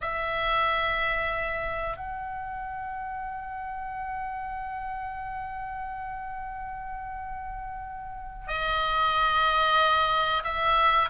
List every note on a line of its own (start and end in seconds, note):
0.01 1.97 E5
1.97 8.47 F#5
8.47 10.43 D#5
10.43 11.09 E5